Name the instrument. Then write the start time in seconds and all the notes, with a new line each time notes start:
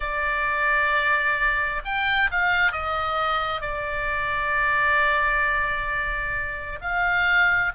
oboe
0.00 D5
1.84 G5
2.31 F5
2.71 D#5
3.61 D5
6.81 F5